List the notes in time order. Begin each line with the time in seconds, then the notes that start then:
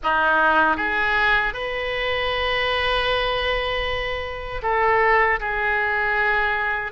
0.03 D#4
0.76 G#4
1.53 B4
4.62 A4
5.40 G#4